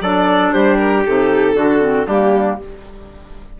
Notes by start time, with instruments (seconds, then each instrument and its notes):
0.00 bassoon F#3, clarinet D4, trumpet A4, violin D5
0.51 bassoon G3, trumpet G4, violin C5
0.77 violin A#4
1.05 bassoon C3, clarinet D#4, violin A4
1.54 bassoon D3, clarinet D4, trumpet F#4
1.80 clarinet C4
2.06 bassoon G3, clarinet A#3, trumpet D4, violin G4